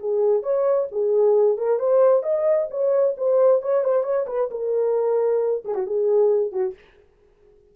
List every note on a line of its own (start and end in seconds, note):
0.00 0.43 G#4
0.43 0.88 C#5
0.92 1.58 G#4
1.58 1.80 A#4
1.80 2.23 C5
2.23 2.68 D#5
2.71 3.16 C#5
3.18 3.63 C5
3.63 3.84 C#5
3.84 4.04 C5
4.04 4.26 C#5
4.27 4.50 B4
4.51 5.64 A#4
5.65 5.75 G#4
5.75 5.87 F#4
5.87 6.52 G#4
6.52 6.75 F#4